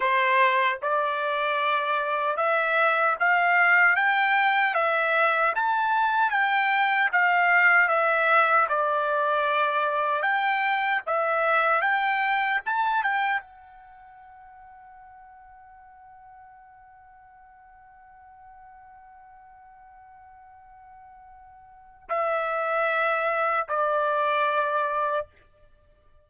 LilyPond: \new Staff \with { instrumentName = "trumpet" } { \time 4/4 \tempo 4 = 76 c''4 d''2 e''4 | f''4 g''4 e''4 a''4 | g''4 f''4 e''4 d''4~ | d''4 g''4 e''4 g''4 |
a''8 g''8 fis''2.~ | fis''1~ | fis''1 | e''2 d''2 | }